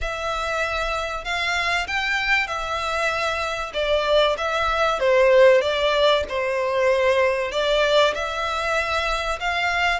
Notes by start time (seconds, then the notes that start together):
0.01 E5
1.24 F5
1.87 G5
2.47 E5
3.73 D5
4.37 E5
4.99 C5
5.61 D5
6.28 C5
7.51 D5
8.14 E5
9.40 F5